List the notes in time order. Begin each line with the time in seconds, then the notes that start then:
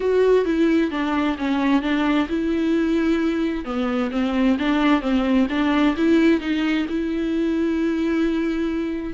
0.00 F#4
0.45 E4
0.91 D4
1.37 C#4
1.82 D4
2.28 E4
3.64 B3
4.11 C4
4.58 D4
5.01 C4
5.49 D4
5.97 E4
6.40 D#4
6.88 E4